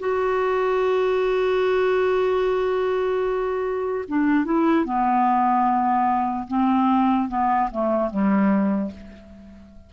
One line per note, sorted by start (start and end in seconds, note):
0.00 4.05 F#4
4.09 4.45 D4
4.45 4.85 E4
4.85 6.48 B3
6.48 7.29 C4
7.29 7.70 B3
7.72 8.11 A3
8.11 8.92 G3